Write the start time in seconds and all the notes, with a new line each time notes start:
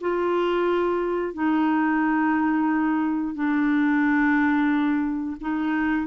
0.00 F4
1.34 D#4
3.34 D4
5.40 D#4